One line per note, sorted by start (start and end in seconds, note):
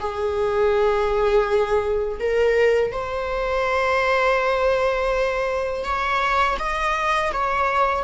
0.00 2.20 G#4
2.20 2.92 A#4
2.92 5.85 C5
5.85 6.58 C#5
6.60 7.33 D#5
7.33 8.04 C#5